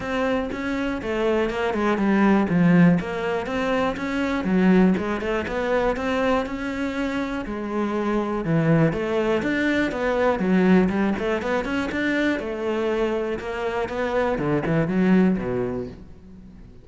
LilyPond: \new Staff \with { instrumentName = "cello" } { \time 4/4 \tempo 4 = 121 c'4 cis'4 a4 ais8 gis8 | g4 f4 ais4 c'4 | cis'4 fis4 gis8 a8 b4 | c'4 cis'2 gis4~ |
gis4 e4 a4 d'4 | b4 fis4 g8 a8 b8 cis'8 | d'4 a2 ais4 | b4 d8 e8 fis4 b,4 | }